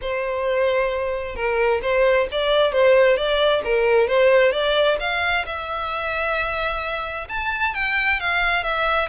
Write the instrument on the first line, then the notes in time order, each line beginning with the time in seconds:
violin
0.01 C5
1.35 A#4
1.82 C5
2.31 D5
2.72 C5
3.16 D5
3.64 A#4
4.07 C5
4.52 D5
5.00 F5
5.45 E5
7.29 A5
7.74 G5
8.20 F5
8.63 E5